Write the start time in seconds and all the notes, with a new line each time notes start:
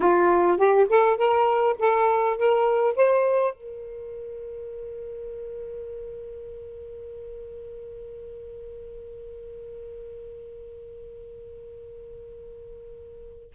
0.00 F4
0.57 G4
0.89 A4
1.17 A#4
1.78 A4
2.37 A#4
2.96 C5
3.53 A#4